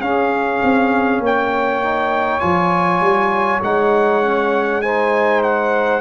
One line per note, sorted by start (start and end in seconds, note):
0.00 0.60 C#4
0.00 1.82 C#4
0.00 1.21 G#4
0.00 1.21 F5
0.62 1.19 C4
1.19 2.39 A#3
1.19 4.81 C#5
1.26 2.40 G5
1.83 2.40 D#4
2.40 3.00 F3
2.40 3.60 F4
2.40 3.60 G#5
3.00 3.60 G3
3.63 6.00 G#3
3.63 4.22 D#4
3.63 4.82 F#5
4.22 4.83 C#4
4.82 6.00 D#4
4.82 6.00 C5
4.82 5.42 G#5
5.42 6.00 F#5